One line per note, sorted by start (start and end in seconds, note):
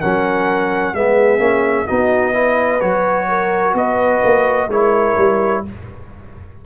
0.00 0.94 F#3
0.00 0.95 C#4
0.00 0.94 A#4
0.00 0.95 F#5
0.94 1.39 G#3
0.94 1.39 B3
0.94 1.87 G#4
0.94 1.88 E5
1.39 1.86 A#3
1.39 1.86 C#4
1.87 2.82 B3
1.87 2.34 D#4
1.87 2.34 F#4
1.87 2.81 D#5
2.34 2.81 E4
2.34 3.27 B4
2.81 3.74 F#3
2.81 4.70 F#4
2.81 3.75 C#5
3.29 3.75 A#4
3.74 4.21 B3
3.74 4.69 B4
3.74 4.71 D#5
4.24 4.68 A#3
4.68 5.15 G#3
4.68 5.66 E4
4.68 5.65 A#4
4.68 5.65 C#5
5.18 5.65 G3